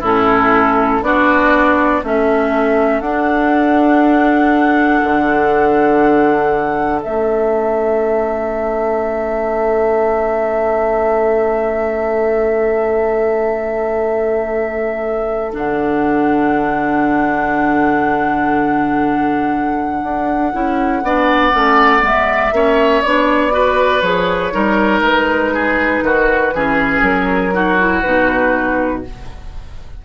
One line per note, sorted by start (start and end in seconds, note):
0.00 1.01 A2
0.00 1.03 C#4
0.00 1.00 E4
0.00 1.03 A4
1.01 2.01 B3
1.01 2.03 D4
1.01 2.04 F#4
1.01 2.03 D5
2.04 3.01 A3
2.04 3.04 C#4
2.04 21.04 A4
2.04 3.00 E5
3.00 5.01 D4
3.00 7.01 D4
3.00 7.00 F#5
5.04 7.04 D3
7.01 15.54 A3
7.01 15.51 C#4
7.01 15.53 E5
15.52 20.03 D3
15.52 20.52 D4
15.52 22.05 F#5
20.03 20.53 D4
20.52 21.02 C#4
20.52 21.02 E4
21.02 21.52 B3
21.02 21.52 D4
21.02 22.55 D5
21.52 22.02 A3
21.52 22.00 C#4
22.00 22.52 G#3
22.00 22.50 B3
22.00 23.02 E5
22.52 23.02 A#3
22.52 23.04 C#4
22.52 23.53 C#5
23.02 24.02 B3
23.02 23.51 D4
23.02 24.01 D5
23.51 24.01 F#4
23.51 24.53 B4
24.01 24.52 F3
24.01 24.52 G#4
24.01 25.01 C#5
24.52 25.00 G3
24.52 26.52 D#4
24.52 25.54 A#4
25.00 26.00 G#3
25.00 27.02 B4
25.54 26.04 G#4
26.02 26.52 D#3
26.02 26.54 F#4
26.54 27.01 E3
26.54 27.53 C#4
26.54 27.54 G#4
27.01 28.01 F#3
27.01 28.02 A#4
27.53 27.78 D#4
27.53 29.04 F#4
27.78 28.03 E4
28.02 29.05 B2
28.02 29.04 D#4
28.02 29.02 B4